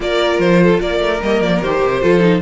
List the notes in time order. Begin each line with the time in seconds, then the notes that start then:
0.00 A#3 F4 A#4 D5
0.38 F3 C5
0.62 A4
0.80 A#3 A#4 D5
1.00 A3
1.22 G3 A#3 D#5
1.40 F3 D5
1.62 D#3 G4 C5
1.83 C3
2.01 F3 F4 A4
2.20 D#4